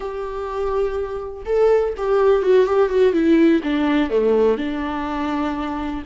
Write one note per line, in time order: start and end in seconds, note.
0.00 1.43 G4
1.45 1.94 A4
1.97 2.42 G4
2.42 2.65 F#4
2.65 2.89 G4
2.89 3.13 F#4
3.13 3.61 E4
3.63 4.10 D4
4.10 4.57 A3
4.57 6.02 D4